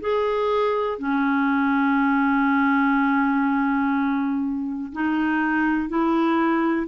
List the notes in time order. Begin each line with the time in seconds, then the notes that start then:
0.00 G#4
0.98 C#4
4.92 D#4
5.88 E4